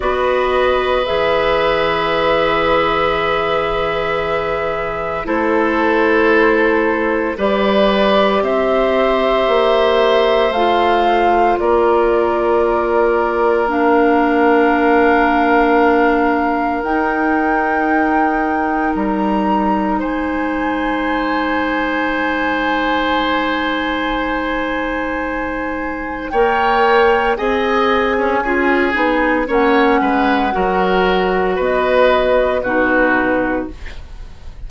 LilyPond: <<
  \new Staff \with { instrumentName = "flute" } { \time 4/4 \tempo 4 = 57 dis''4 e''2.~ | e''4 c''2 d''4 | e''2 f''4 d''4~ | d''4 f''2. |
g''2 ais''4 gis''4~ | gis''1~ | gis''4 g''4 gis''2 | fis''2 dis''4 b'4 | }
  \new Staff \with { instrumentName = "oboe" } { \time 4/4 b'1~ | b'4 a'2 b'4 | c''2. ais'4~ | ais'1~ |
ais'2. c''4~ | c''1~ | c''4 cis''4 dis''8. cis'16 gis'4 | cis''8 b'8 ais'4 b'4 fis'4 | }
  \new Staff \with { instrumentName = "clarinet" } { \time 4/4 fis'4 gis'2.~ | gis'4 e'2 g'4~ | g'2 f'2~ | f'4 d'2. |
dis'1~ | dis'1~ | dis'4 ais'4 gis'4 f'8 dis'8 | cis'4 fis'2 dis'4 | }
  \new Staff \with { instrumentName = "bassoon" } { \time 4/4 b4 e2.~ | e4 a2 g4 | c'4 ais4 a4 ais4~ | ais1 |
dis'2 g4 gis4~ | gis1~ | gis4 ais4 c'4 cis'8 b8 | ais8 gis8 fis4 b4 b,4 | }
>>